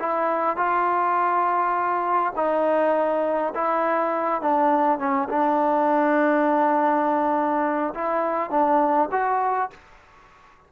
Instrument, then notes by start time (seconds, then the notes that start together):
trombone
0.00 E4
0.57 F4
2.36 D#4
3.55 E4
4.42 D4
4.99 C#4
5.29 D4
7.94 E4
8.51 D4
9.12 F#4